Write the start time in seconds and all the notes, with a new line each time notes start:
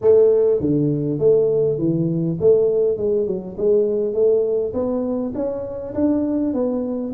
0.01 A3
0.60 D3
1.19 A3
1.78 E3
2.40 A3
2.97 G#3
3.26 F#3
3.57 G#3
4.13 A3
4.73 B3
5.34 C#4
5.94 D4
6.53 B3